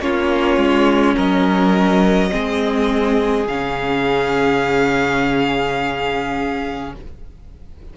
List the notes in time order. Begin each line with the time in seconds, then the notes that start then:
0.00 A#3 C#4 F4 C#5
0.57 G#3
1.15 F#3 A#4 D#5
2.30 G#3 C4 G#4
3.47 C#3 C#4 F5